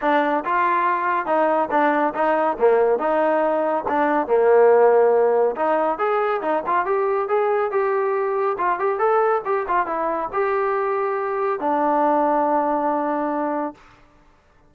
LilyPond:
\new Staff \with { instrumentName = "trombone" } { \time 4/4 \tempo 4 = 140 d'4 f'2 dis'4 | d'4 dis'4 ais4 dis'4~ | dis'4 d'4 ais2~ | ais4 dis'4 gis'4 dis'8 f'8 |
g'4 gis'4 g'2 | f'8 g'8 a'4 g'8 f'8 e'4 | g'2. d'4~ | d'1 | }